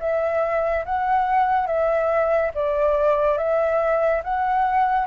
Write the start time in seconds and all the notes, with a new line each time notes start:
0.00 E5
0.85 F#5
1.67 E5
2.54 D5
3.38 E5
4.24 F#5